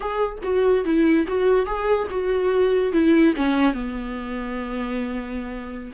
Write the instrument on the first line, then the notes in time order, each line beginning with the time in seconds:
viola
0.00 G#4
0.43 F#4
0.84 E4
1.27 F#4
1.66 G#4
2.10 F#4
2.92 E4
3.36 C#4
3.73 B3